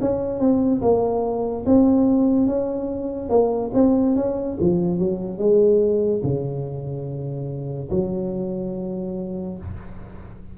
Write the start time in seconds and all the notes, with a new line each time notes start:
0.00 C#4
0.39 C4
0.81 A#3
1.65 C4
2.46 C#4
3.29 A#3
3.73 C4
4.16 C#4
4.60 F3
4.98 F#3
5.38 G#3
6.23 C#3
7.90 F#3